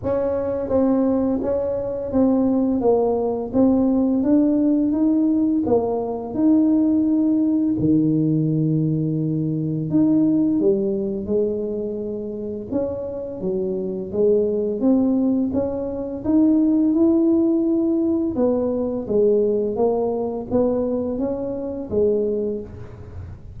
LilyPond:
\new Staff \with { instrumentName = "tuba" } { \time 4/4 \tempo 4 = 85 cis'4 c'4 cis'4 c'4 | ais4 c'4 d'4 dis'4 | ais4 dis'2 dis4~ | dis2 dis'4 g4 |
gis2 cis'4 fis4 | gis4 c'4 cis'4 dis'4 | e'2 b4 gis4 | ais4 b4 cis'4 gis4 | }